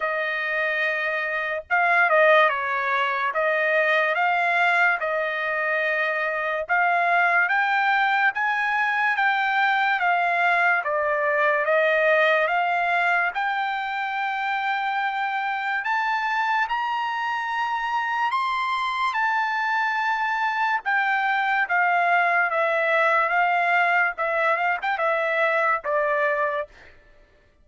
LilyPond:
\new Staff \with { instrumentName = "trumpet" } { \time 4/4 \tempo 4 = 72 dis''2 f''8 dis''8 cis''4 | dis''4 f''4 dis''2 | f''4 g''4 gis''4 g''4 | f''4 d''4 dis''4 f''4 |
g''2. a''4 | ais''2 c'''4 a''4~ | a''4 g''4 f''4 e''4 | f''4 e''8 f''16 g''16 e''4 d''4 | }